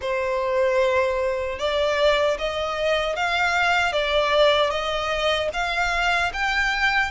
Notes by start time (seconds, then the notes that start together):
0.01 C5
1.58 D5
2.38 D#5
3.15 F5
3.92 D5
4.70 D#5
5.53 F5
6.33 G5